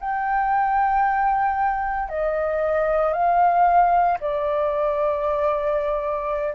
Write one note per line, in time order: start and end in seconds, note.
0.00 2.10 G5
2.10 3.13 D#5
3.13 4.19 F5
4.21 6.55 D5